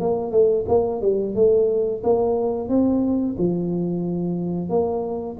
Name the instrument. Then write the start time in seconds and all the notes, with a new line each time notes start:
tuba
0.00 A#3
0.32 A3
0.68 A#3
1.02 G3
1.35 A3
2.03 A#3
2.69 C4
3.39 F3
4.70 A#3